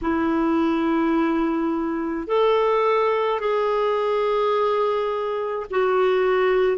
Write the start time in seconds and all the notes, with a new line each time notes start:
0.01 E4
2.27 A4
3.40 G#4
5.70 F#4